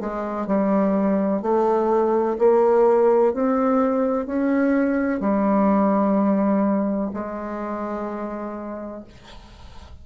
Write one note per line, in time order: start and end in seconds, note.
0.00 0.47 G#3
0.47 1.42 G3
1.42 2.38 A3
2.39 3.34 A#3
3.34 4.26 C4
4.26 5.20 C#4
5.20 7.11 G3
7.14 9.04 G#3